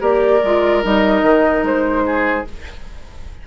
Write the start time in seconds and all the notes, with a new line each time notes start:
0.00 A#3 G4 A#4 D5
0.43 G#3 F4
0.83 G3 D#4 D#5
1.22 D#3
1.63 G#3 C5
2.06 G#4